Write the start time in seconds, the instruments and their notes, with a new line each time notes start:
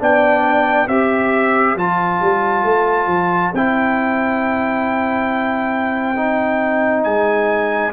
0.00 tuba B3, trombone D4, horn D5, trumpet G5
0.88 tuba C4, trombone G4, horn C5, trumpet E5
1.76 tuba F3, trombone F4, trumpet A5
2.21 tuba G3
2.64 tuba A3
3.07 tuba F3
3.54 tuba C4, trombone E4, trumpet G5
6.16 trombone D#4
7.04 tuba G#3, trumpet G#5